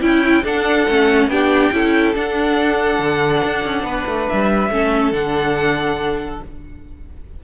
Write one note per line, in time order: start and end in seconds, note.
0.00 0.44 C#4
0.00 0.43 E4
0.00 0.44 E4
0.00 0.44 G5
0.44 0.86 D4
0.44 0.87 D4
0.44 1.29 A4
0.44 1.29 F#5
0.88 1.28 A3
0.88 1.30 C#4
1.28 1.70 B3
1.28 1.72 D4
1.28 1.73 G4
1.28 2.14 G5
1.72 2.14 C#4
1.72 2.14 E4
1.72 3.85 A4
2.14 4.69 D4
2.14 2.99 D4
2.14 4.28 F#5
2.99 3.42 D3
3.44 3.64 D4
3.64 3.83 C#4
3.83 4.04 B3
3.83 4.70 B4
4.06 4.28 A3
4.28 4.70 G3
4.28 5.13 E5
4.70 5.12 A3
4.70 5.13 C#4
4.70 6.44 A4
5.12 6.39 D3
5.12 6.41 D4
5.12 6.40 F#5